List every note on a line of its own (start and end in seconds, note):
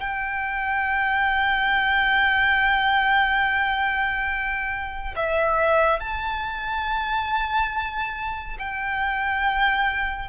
0.00 5.14 G5
5.16 6.00 E5
6.00 8.57 A5
8.59 10.29 G5